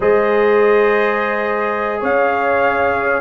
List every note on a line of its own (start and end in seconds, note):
0.00 2.01 G#3
0.00 3.21 G#4
0.00 2.00 C5
0.00 2.02 D#5
2.00 3.21 C#4
2.00 3.21 C#5
2.00 3.21 F5